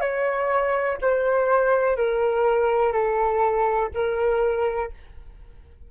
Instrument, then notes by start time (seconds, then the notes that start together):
flute
0.00 C#5
1.01 C5
1.96 A#4
2.92 A4
3.94 A#4